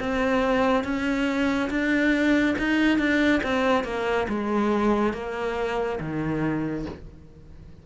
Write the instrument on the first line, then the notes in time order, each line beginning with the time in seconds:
cello
0.00 C4
0.85 C#4
1.70 D4
2.59 D#4
2.99 D4
3.44 C4
3.85 A#3
4.29 G#3
5.14 A#3
6.00 D#3